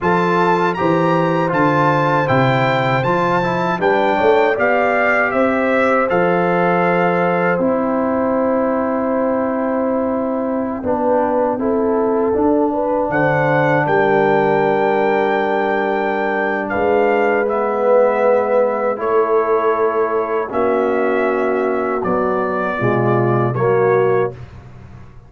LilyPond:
<<
  \new Staff \with { instrumentName = "trumpet" } { \time 4/4 \tempo 4 = 79 a''4 ais''4 a''4 g''4 | a''4 g''4 f''4 e''4 | f''2 g''2~ | g''1~ |
g''4~ g''16 fis''4 g''4.~ g''16~ | g''2 f''4 e''4~ | e''4 cis''2 e''4~ | e''4 d''2 cis''4 | }
  \new Staff \with { instrumentName = "horn" } { \time 4/4 a'4 c''2.~ | c''4 b'8 cis''8 d''4 c''4~ | c''1~ | c''2~ c''16 b'4 a'8.~ |
a'8. b'8 c''4 ais'4.~ ais'16~ | ais'2 b'2~ | b'4 a'2 fis'4~ | fis'2 f'4 fis'4 | }
  \new Staff \with { instrumentName = "trombone" } { \time 4/4 f'4 g'4 f'4 e'4 | f'8 e'8 d'4 g'2 | a'2 e'2~ | e'2~ e'16 d'4 e'8.~ |
e'16 d'2.~ d'8.~ | d'2. b4~ | b4 e'2 cis'4~ | cis'4 fis4 gis4 ais4 | }
  \new Staff \with { instrumentName = "tuba" } { \time 4/4 f4 e4 d4 c4 | f4 g8 a8 b4 c'4 | f2 c'2~ | c'2~ c'16 b4 c'8.~ |
c'16 d'4 d4 g4.~ g16~ | g2 gis2~ | gis4 a2 ais4~ | ais4 b4 b,4 fis4 | }
>>